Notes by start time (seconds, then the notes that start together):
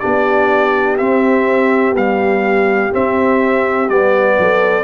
0.00 B3 D4 G4 D5
0.98 C4 E5
1.94 G3 B3 F5
2.91 C4 E5
3.89 G3 B3 D5
4.39 F#3 A4